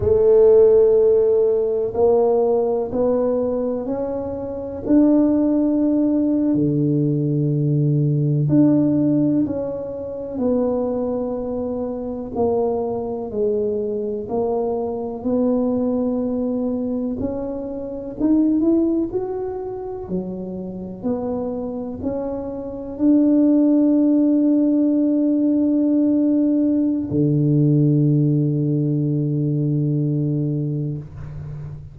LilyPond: \new Staff \with { instrumentName = "tuba" } { \time 4/4 \tempo 4 = 62 a2 ais4 b4 | cis'4 d'4.~ d'16 d4~ d16~ | d8. d'4 cis'4 b4~ b16~ | b8. ais4 gis4 ais4 b16~ |
b4.~ b16 cis'4 dis'8 e'8 fis'16~ | fis'8. fis4 b4 cis'4 d'16~ | d'1 | d1 | }